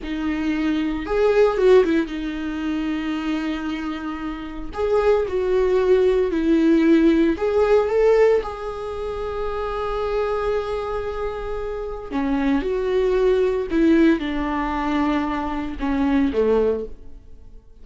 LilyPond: \new Staff \with { instrumentName = "viola" } { \time 4/4 \tempo 4 = 114 dis'2 gis'4 fis'8 e'8 | dis'1~ | dis'4 gis'4 fis'2 | e'2 gis'4 a'4 |
gis'1~ | gis'2. cis'4 | fis'2 e'4 d'4~ | d'2 cis'4 a4 | }